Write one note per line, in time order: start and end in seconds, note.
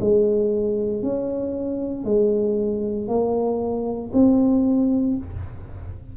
0.00 1.02 G#3
1.02 2.04 C#4
2.04 3.08 G#3
3.08 4.11 A#3
4.13 5.16 C4